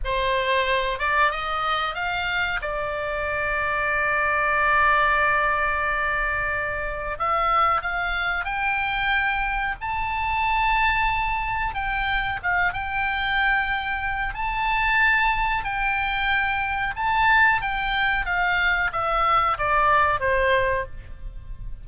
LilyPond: \new Staff \with { instrumentName = "oboe" } { \time 4/4 \tempo 4 = 92 c''4. d''8 dis''4 f''4 | d''1~ | d''2. e''4 | f''4 g''2 a''4~ |
a''2 g''4 f''8 g''8~ | g''2 a''2 | g''2 a''4 g''4 | f''4 e''4 d''4 c''4 | }